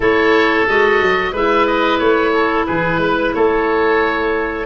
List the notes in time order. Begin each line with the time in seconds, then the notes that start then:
0.00 A3 E4 A4 C#5
0.67 G#3 F#4 D#5
1.00 F#3
1.32 G#3 E4 B4 E5
1.66 D#5
1.98 A3 C#5
2.32 A4
2.66 E3 G#4 B4
2.97 G#3 B4
3.34 A3 A4 C#5